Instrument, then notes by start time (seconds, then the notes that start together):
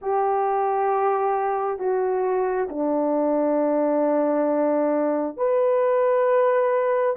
horn
0.01 G4
1.79 F#4
2.69 D4
5.36 B4